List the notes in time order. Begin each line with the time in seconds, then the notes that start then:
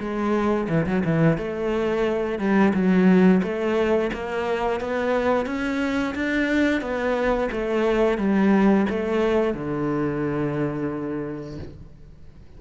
0.00 G#3
0.69 E3
0.86 F#3
1.05 E3
1.38 A3
2.39 G3
2.74 F#3
3.43 A3
4.13 A#3
4.80 B3
5.46 C#4
6.15 D4
6.81 B3
7.52 A3
8.18 G3
8.89 A3
9.54 D3